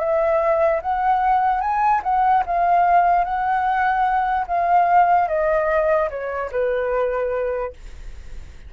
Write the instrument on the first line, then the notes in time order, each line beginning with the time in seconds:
flute
0.00 E5
0.82 F#5
1.61 G#5
2.04 F#5
2.47 F5
3.25 F#5
4.47 F5
5.29 D#5
6.10 C#5
6.52 B4